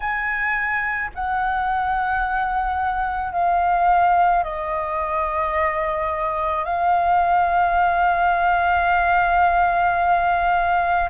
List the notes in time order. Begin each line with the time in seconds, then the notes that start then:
0.00 G#5
1.15 F#5
3.32 F5
4.43 D#5
6.64 F5